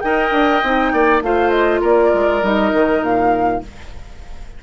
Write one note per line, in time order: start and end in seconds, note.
0.00 0.32 D#4
0.00 0.63 A#4
0.00 0.93 D#5
0.00 1.20 G5
0.32 0.61 D4
0.63 0.93 C4
0.63 1.23 D#4
0.93 1.22 A#3
0.93 1.23 D5
1.22 1.82 A3
1.22 2.43 F4
1.22 1.81 C5
1.22 1.50 F5
1.50 1.80 D#5
1.81 2.13 A#3
1.81 3.61 A#4
1.81 2.44 D5
2.14 2.43 G#3
2.43 2.73 G3
2.43 3.62 D#4
2.43 3.03 D#5
2.73 3.02 D#3
3.02 3.62 A#2
3.02 3.63 F5